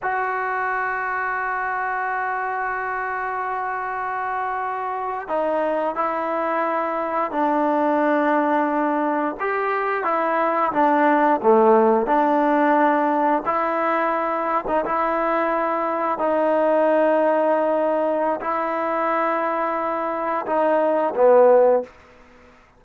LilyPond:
\new Staff \with { instrumentName = "trombone" } { \time 4/4 \tempo 4 = 88 fis'1~ | fis'2.~ fis'8. dis'16~ | dis'8. e'2 d'4~ d'16~ | d'4.~ d'16 g'4 e'4 d'16~ |
d'8. a4 d'2 e'16~ | e'4. dis'16 e'2 dis'16~ | dis'2. e'4~ | e'2 dis'4 b4 | }